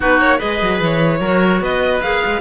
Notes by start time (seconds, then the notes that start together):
0.00 B3 D#4 F#4 B4
0.20 A#3 C#5
0.37 G#3 G#4 B4 D#5
0.62 F#3
0.81 E3 C#5
1.20 F#3 F#4 A#4
1.60 B3 B4 D#5
2.01 A#3 G#4 F5
2.25 G#3